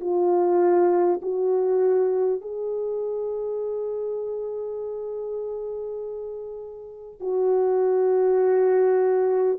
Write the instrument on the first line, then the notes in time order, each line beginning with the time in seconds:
horn
0.00 F4
1.22 F#4
2.41 G#4
7.20 F#4